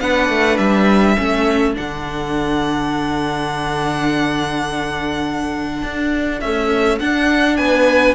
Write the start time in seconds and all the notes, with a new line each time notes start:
0.00 B3 D4 B4 F#5
0.29 A3
0.58 G3 E5
1.16 A3 C#4 A4
1.74 D3 D4 F#5
5.83 D4
6.41 A3 C#4 E5
6.99 D4 F#5
7.57 B3 B4 G#5